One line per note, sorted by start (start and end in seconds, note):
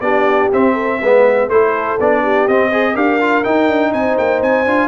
0.00 0.49 B3
0.00 0.51 D4
0.00 0.73 G4
0.00 0.49 D5
0.52 1.01 C4
0.52 1.49 E5
0.73 0.98 A4
1.01 1.48 G#3
1.01 1.50 B3
1.01 1.49 B4
1.48 1.96 A3
1.48 1.99 E4
1.48 2.22 A4
1.48 1.98 C5
1.99 2.47 B3
1.99 2.49 D4
1.99 2.47 D5
2.22 2.68 G4
2.47 2.95 C4
2.47 2.72 C4
2.47 2.96 D#5
2.68 2.95 G#4
2.68 2.92 C5
2.93 3.44 D4
2.93 3.20 G4
2.93 3.91 A#4
2.93 3.43 F5
3.20 3.44 F4
3.43 4.66 D#4
3.43 3.67 D#4
3.43 3.92 G5
3.67 3.92 D4
3.92 4.17 C4
3.92 4.88 C5
3.92 4.17 G#5
4.17 4.41 A#3
4.17 4.42 G5
4.41 4.65 C4
4.41 4.88 G#5
4.65 4.88 D4
4.65 4.88 F4